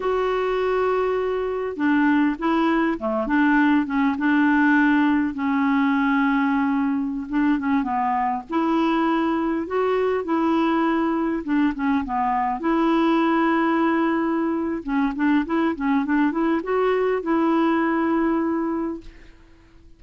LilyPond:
\new Staff \with { instrumentName = "clarinet" } { \time 4/4 \tempo 4 = 101 fis'2. d'4 | e'4 a8 d'4 cis'8 d'4~ | d'4 cis'2.~ | cis'16 d'8 cis'8 b4 e'4.~ e'16~ |
e'16 fis'4 e'2 d'8 cis'16~ | cis'16 b4 e'2~ e'8.~ | e'4 cis'8 d'8 e'8 cis'8 d'8 e'8 | fis'4 e'2. | }